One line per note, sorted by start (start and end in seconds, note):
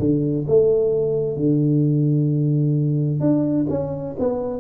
0.00 0.46 D3
0.48 1.36 A3
1.36 3.21 D3
3.21 3.67 D4
3.70 4.16 C#4
4.20 4.60 B3